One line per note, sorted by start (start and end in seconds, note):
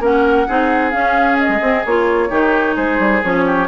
0.00 0.46 A#3
0.00 0.47 C#4
0.00 0.47 A#4
0.00 0.90 F#5
0.47 0.94 C4
0.47 0.92 D#4
0.47 2.29 G#4
0.90 1.61 C#4
0.90 1.48 C#4
0.90 1.37 F5
1.38 1.85 D#5
1.48 1.60 G#3
1.61 1.84 C4
1.85 2.30 A#3
1.85 2.30 F4
1.85 2.76 C#5
2.29 2.76 D#3
2.29 3.22 D#4
2.29 2.75 G4
2.75 2.99 G#3
2.75 3.44 G#4
2.75 3.22 C5
2.99 3.22 G3
3.23 3.67 F3
3.23 3.67 C#4
3.23 3.67 C#5
3.46 3.67 G4